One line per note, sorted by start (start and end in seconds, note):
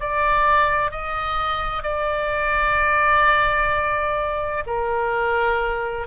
0.00 0.91 D5
0.91 1.83 D#5
1.83 4.64 D5
4.67 6.07 A#4